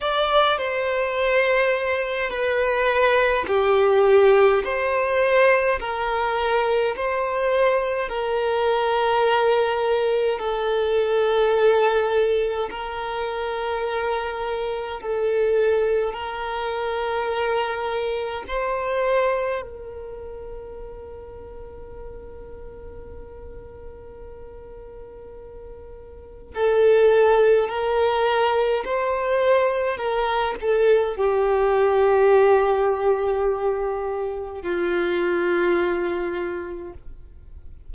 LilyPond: \new Staff \with { instrumentName = "violin" } { \time 4/4 \tempo 4 = 52 d''8 c''4. b'4 g'4 | c''4 ais'4 c''4 ais'4~ | ais'4 a'2 ais'4~ | ais'4 a'4 ais'2 |
c''4 ais'2.~ | ais'2. a'4 | ais'4 c''4 ais'8 a'8 g'4~ | g'2 f'2 | }